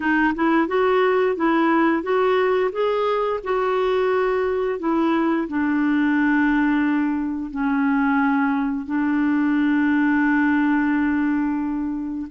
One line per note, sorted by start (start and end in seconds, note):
0.00 0.33 D#4
0.34 0.67 E4
0.67 1.35 F#4
1.35 2.02 E4
2.02 2.71 F#4
2.71 3.40 G#4
3.43 4.79 F#4
4.79 5.47 E4
5.48 7.50 D4
7.50 8.86 C#4
8.86 12.27 D4